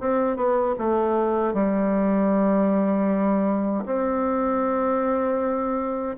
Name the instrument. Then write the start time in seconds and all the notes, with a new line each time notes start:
bassoon
0.00 C4
0.36 B3
0.78 A3
1.53 G3
3.85 C4